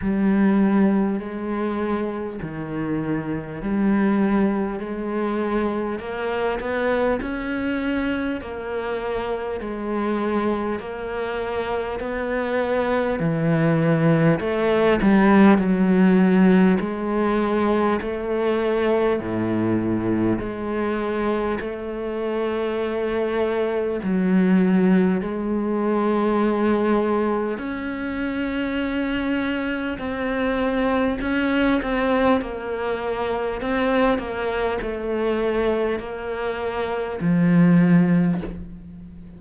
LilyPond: \new Staff \with { instrumentName = "cello" } { \time 4/4 \tempo 4 = 50 g4 gis4 dis4 g4 | gis4 ais8 b8 cis'4 ais4 | gis4 ais4 b4 e4 | a8 g8 fis4 gis4 a4 |
a,4 gis4 a2 | fis4 gis2 cis'4~ | cis'4 c'4 cis'8 c'8 ais4 | c'8 ais8 a4 ais4 f4 | }